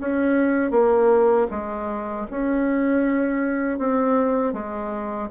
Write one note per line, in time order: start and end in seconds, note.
0.00 0.71 C#4
0.71 1.47 A#3
1.51 2.27 G#3
2.31 3.79 C#4
3.79 4.53 C4
4.53 5.29 G#3